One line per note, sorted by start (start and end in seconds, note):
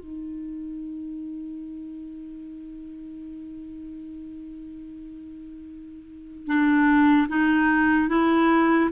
0.00 6.47 D#4
6.47 7.28 D4
7.29 8.09 D#4
8.09 8.90 E4